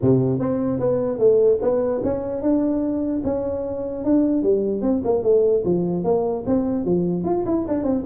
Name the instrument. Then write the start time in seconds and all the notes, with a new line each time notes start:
tuba
0.01 C3
0.39 C4
0.79 B3
1.18 A3
1.61 B3
2.03 C#4
2.41 D4
3.24 C#4
4.04 D4
4.42 G3
4.81 C4
5.04 A#3
5.23 A3
5.64 F3
6.04 A#3
6.46 C4
6.84 F3
7.24 F4
7.45 E4
7.68 D4
7.83 C4